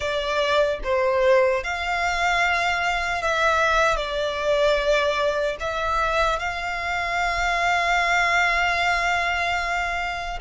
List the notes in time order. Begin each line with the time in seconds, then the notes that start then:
0.00 D5
0.83 C5
1.63 F5
3.22 E5
3.96 D5
5.60 E5
6.39 F5